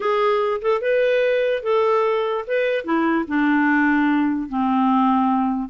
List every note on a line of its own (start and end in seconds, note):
0.00 0.60 G#4
0.61 0.81 A4
0.81 1.63 B4
1.63 2.44 A4
2.47 2.84 B4
2.84 3.25 E4
3.27 4.48 D4
4.48 5.69 C4